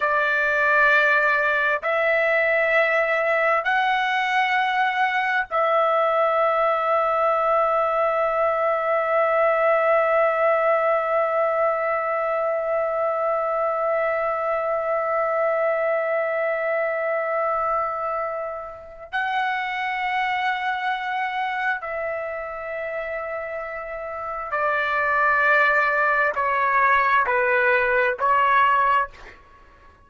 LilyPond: \new Staff \with { instrumentName = "trumpet" } { \time 4/4 \tempo 4 = 66 d''2 e''2 | fis''2 e''2~ | e''1~ | e''1~ |
e''1~ | e''4 fis''2. | e''2. d''4~ | d''4 cis''4 b'4 cis''4 | }